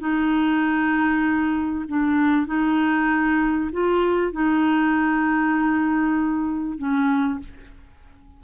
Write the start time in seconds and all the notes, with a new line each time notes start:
0.00 D#4
1.89 D4
2.47 D#4
3.73 F4
4.33 D#4
6.78 C#4